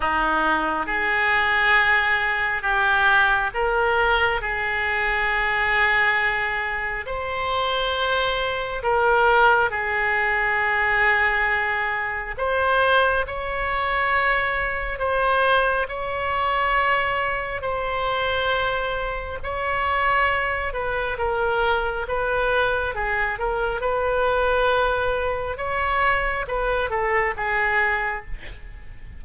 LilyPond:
\new Staff \with { instrumentName = "oboe" } { \time 4/4 \tempo 4 = 68 dis'4 gis'2 g'4 | ais'4 gis'2. | c''2 ais'4 gis'4~ | gis'2 c''4 cis''4~ |
cis''4 c''4 cis''2 | c''2 cis''4. b'8 | ais'4 b'4 gis'8 ais'8 b'4~ | b'4 cis''4 b'8 a'8 gis'4 | }